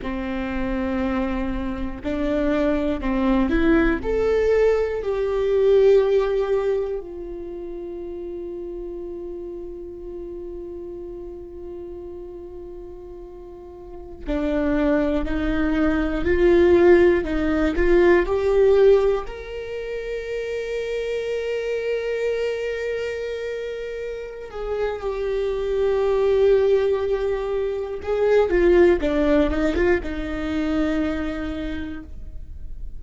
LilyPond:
\new Staff \with { instrumentName = "viola" } { \time 4/4 \tempo 4 = 60 c'2 d'4 c'8 e'8 | a'4 g'2 f'4~ | f'1~ | f'2~ f'16 d'4 dis'8.~ |
dis'16 f'4 dis'8 f'8 g'4 ais'8.~ | ais'1~ | ais'8 gis'8 g'2. | gis'8 f'8 d'8 dis'16 f'16 dis'2 | }